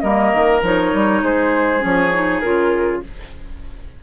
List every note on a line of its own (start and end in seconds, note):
0.00 0.33 G3
0.00 0.62 A#3
0.00 1.22 A#4
0.00 0.60 D#5
0.33 0.62 D#3
0.62 0.92 F3
0.62 1.79 D#4
0.62 1.24 C#5
0.93 1.22 G3
1.22 1.82 G#3
1.22 3.03 G#4
1.22 1.84 C5
1.79 2.43 F3
1.79 2.09 C#4
1.79 2.40 C#5
2.14 2.42 D#4
2.40 3.03 C#3
2.40 3.02 F4
2.40 3.00 A#4